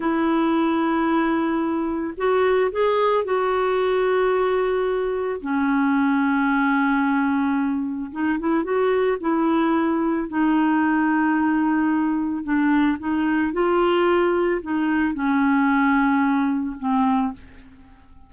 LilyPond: \new Staff \with { instrumentName = "clarinet" } { \time 4/4 \tempo 4 = 111 e'1 | fis'4 gis'4 fis'2~ | fis'2 cis'2~ | cis'2. dis'8 e'8 |
fis'4 e'2 dis'4~ | dis'2. d'4 | dis'4 f'2 dis'4 | cis'2. c'4 | }